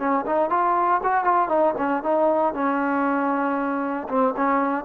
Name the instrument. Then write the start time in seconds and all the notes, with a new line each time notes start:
trombone
0.00 C#4
0.27 D#4
0.50 F4
1.04 F#4
1.25 F4
1.49 D#4
1.78 C#4
2.03 D#4
2.55 C#4
4.09 C4
4.37 C#4